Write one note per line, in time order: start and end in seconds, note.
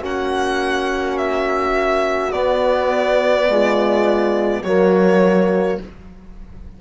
0.00 2.33 A#3
0.00 2.32 C#4
0.00 3.46 F#4
0.00 1.18 F#5
1.18 2.32 E5
2.32 4.62 B3
2.32 3.48 B3
2.32 4.62 D5
3.48 4.63 G#3
3.48 4.62 F4
4.62 5.78 F#3
4.62 5.81 A#3
4.62 5.78 F#4
4.62 5.79 C#5